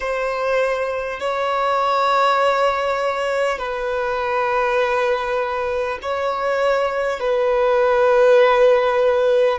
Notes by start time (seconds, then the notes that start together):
0.00 C5
1.20 C#5
3.58 B4
6.02 C#5
7.19 B4